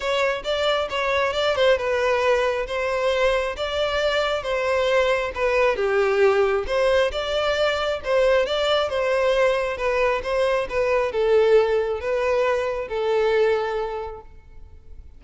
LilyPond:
\new Staff \with { instrumentName = "violin" } { \time 4/4 \tempo 4 = 135 cis''4 d''4 cis''4 d''8 c''8 | b'2 c''2 | d''2 c''2 | b'4 g'2 c''4 |
d''2 c''4 d''4 | c''2 b'4 c''4 | b'4 a'2 b'4~ | b'4 a'2. | }